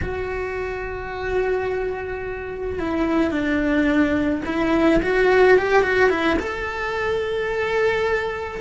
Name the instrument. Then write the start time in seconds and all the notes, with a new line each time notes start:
cello
0.02 F#4
2.79 E4
3.31 D4
4.45 E4
5.02 F#4
5.58 G4
5.82 F#4
6.09 E4
6.39 A4